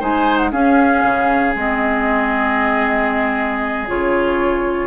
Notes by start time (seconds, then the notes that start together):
0.00 G#3 D#4 C5 G#5
0.37 F#5
0.52 C#4 G#4 F5
1.03 C#3
1.55 G#3 C4 D#5
3.88 C#3 F4 C#5